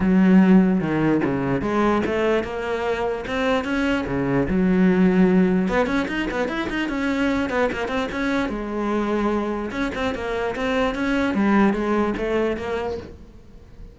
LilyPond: \new Staff \with { instrumentName = "cello" } { \time 4/4 \tempo 4 = 148 fis2 dis4 cis4 | gis4 a4 ais2 | c'4 cis'4 cis4 fis4~ | fis2 b8 cis'8 dis'8 b8 |
e'8 dis'8 cis'4. b8 ais8 c'8 | cis'4 gis2. | cis'8 c'8 ais4 c'4 cis'4 | g4 gis4 a4 ais4 | }